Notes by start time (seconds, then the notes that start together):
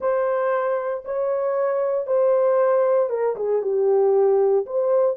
0.00 C5
1.04 C#5
2.06 C5
3.09 A#4
3.36 G#4
3.62 G4
4.66 C5